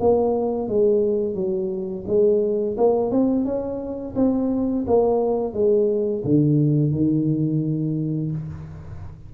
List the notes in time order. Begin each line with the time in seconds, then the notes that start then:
0.00 A#3
0.68 G#3
1.35 F#3
2.07 G#3
2.77 A#3
3.11 C4
3.45 C#4
4.15 C4
4.87 A#3
5.53 G#3
6.24 D3
6.92 D#3